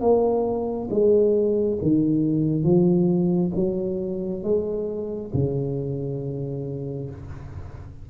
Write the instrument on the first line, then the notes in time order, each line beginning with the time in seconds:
tuba
0.00 A#3
0.90 G#3
1.82 D#3
2.64 F3
3.55 F#3
4.43 G#3
5.34 C#3